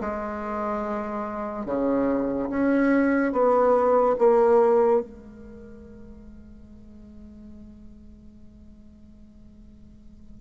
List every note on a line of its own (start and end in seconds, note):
0.00 1.65 G#3
1.65 2.48 C#3
2.49 3.32 C#4
3.32 4.15 B3
4.18 5.00 A#3
5.00 10.40 G#3